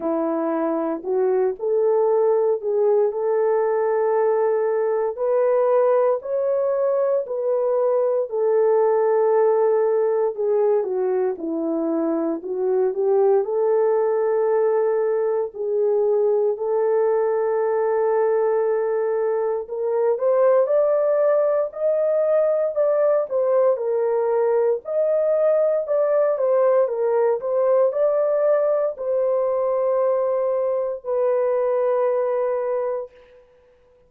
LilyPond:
\new Staff \with { instrumentName = "horn" } { \time 4/4 \tempo 4 = 58 e'4 fis'8 a'4 gis'8 a'4~ | a'4 b'4 cis''4 b'4 | a'2 gis'8 fis'8 e'4 | fis'8 g'8 a'2 gis'4 |
a'2. ais'8 c''8 | d''4 dis''4 d''8 c''8 ais'4 | dis''4 d''8 c''8 ais'8 c''8 d''4 | c''2 b'2 | }